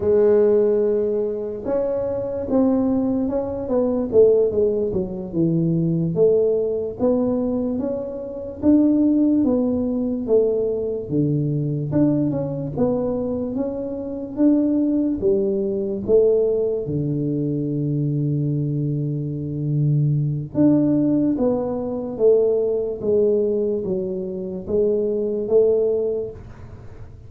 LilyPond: \new Staff \with { instrumentName = "tuba" } { \time 4/4 \tempo 4 = 73 gis2 cis'4 c'4 | cis'8 b8 a8 gis8 fis8 e4 a8~ | a8 b4 cis'4 d'4 b8~ | b8 a4 d4 d'8 cis'8 b8~ |
b8 cis'4 d'4 g4 a8~ | a8 d2.~ d8~ | d4 d'4 b4 a4 | gis4 fis4 gis4 a4 | }